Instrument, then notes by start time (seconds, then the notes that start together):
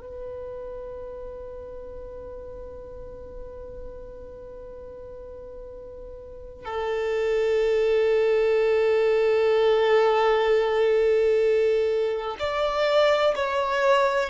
violin
0.00 B4
6.65 A4
12.39 D5
13.35 C#5